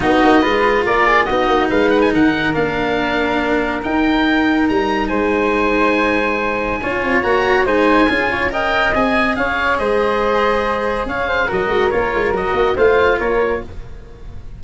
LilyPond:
<<
  \new Staff \with { instrumentName = "oboe" } { \time 4/4 \tempo 4 = 141 dis''2 d''4 dis''4 | f''8 fis''16 gis''16 fis''4 f''2~ | f''4 g''2 ais''4 | gis''1~ |
gis''4 ais''4 gis''2 | g''4 gis''4 f''4 dis''4~ | dis''2 f''4 dis''4 | cis''4 dis''4 f''4 cis''4 | }
  \new Staff \with { instrumentName = "flute" } { \time 4/4 fis'4 b'4 ais'8 gis'8 fis'4 | b'4 ais'2.~ | ais'1 | c''1 |
cis''2 c''4 gis'8 cis''8 | dis''2 cis''4 c''4~ | c''2 cis''8 c''8 ais'4~ | ais'2 c''4 ais'4 | }
  \new Staff \with { instrumentName = "cello" } { \time 4/4 dis'4 f'2 dis'4~ | dis'2 d'2~ | d'4 dis'2.~ | dis'1 |
f'4 fis'4 dis'4 f'4 | ais'4 gis'2.~ | gis'2. fis'4 | f'4 fis'4 f'2 | }
  \new Staff \with { instrumentName = "tuba" } { \time 4/4 b8 ais8 gis4 ais4 b8 ais8 | gis4 dis4 ais2~ | ais4 dis'2 g4 | gis1 |
cis'8 c'8 ais4 gis4 cis'4~ | cis'4 c'4 cis'4 gis4~ | gis2 cis'4 fis8 gis8 | ais8 gis8 fis8 ais8 a4 ais4 | }
>>